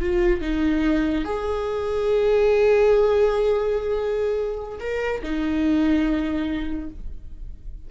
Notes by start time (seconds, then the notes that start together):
0.00 F4
0.41 D#4
1.24 G#4
4.80 A#4
5.23 D#4